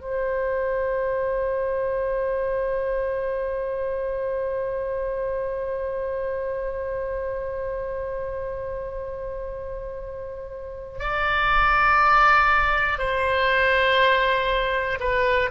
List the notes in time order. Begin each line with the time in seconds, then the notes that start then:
0.00 C5
10.99 D5
12.98 C5
15.00 B4